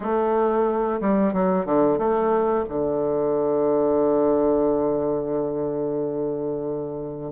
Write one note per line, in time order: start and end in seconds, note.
0.00 1.00 A3
1.01 1.33 G3
1.33 1.65 F#3
1.65 1.98 D3
1.98 2.65 A3
2.68 7.32 D3